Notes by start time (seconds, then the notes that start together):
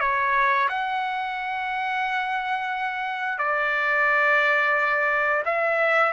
0.00 C#5
0.69 F#5
3.38 D5
5.45 E5